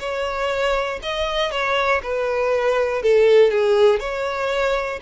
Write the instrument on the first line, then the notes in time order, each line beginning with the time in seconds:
violin
0.00 C#5
1.02 D#5
1.51 C#5
2.03 B4
3.02 A4
3.51 G#4
4.00 C#5